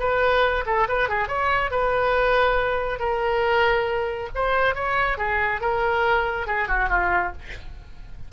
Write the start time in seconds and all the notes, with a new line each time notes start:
0.00 B4
0.66 A4
0.88 B4
1.09 G#4
1.28 C#5
1.71 B4
2.99 A#4
4.35 C5
4.75 C#5
5.18 G#4
5.61 A#4
6.47 G#4
6.68 F#4
6.89 F4